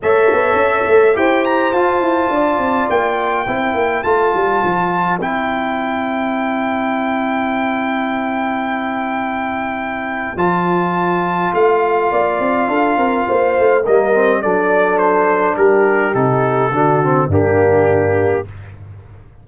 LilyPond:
<<
  \new Staff \with { instrumentName = "trumpet" } { \time 4/4 \tempo 4 = 104 e''2 g''8 ais''8 a''4~ | a''4 g''2 a''4~ | a''4 g''2.~ | g''1~ |
g''2 a''2 | f''1 | dis''4 d''4 c''4 ais'4 | a'2 g'2 | }
  \new Staff \with { instrumentName = "horn" } { \time 4/4 cis''2 c''2 | d''2 c''2~ | c''1~ | c''1~ |
c''1~ | c''4 d''4 a'8 ais'8 c''4 | ais'4 a'2 g'4~ | g'4 fis'4 d'2 | }
  \new Staff \with { instrumentName = "trombone" } { \time 4/4 a'2 g'4 f'4~ | f'2 e'4 f'4~ | f'4 e'2.~ | e'1~ |
e'2 f'2~ | f'1 | ais8 c'8 d'2. | dis'4 d'8 c'8 ais2 | }
  \new Staff \with { instrumentName = "tuba" } { \time 4/4 a8 b8 cis'8 a8 e'4 f'8 e'8 | d'8 c'8 ais4 c'8 ais8 a8 g8 | f4 c'2.~ | c'1~ |
c'2 f2 | a4 ais8 c'8 d'8 c'8 ais8 a8 | g4 fis2 g4 | c4 d4 g,2 | }
>>